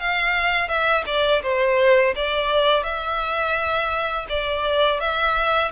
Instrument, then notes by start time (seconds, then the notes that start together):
violin
0.00 F5
0.69 E5
1.06 D5
1.43 C5
2.16 D5
2.83 E5
4.30 D5
5.00 E5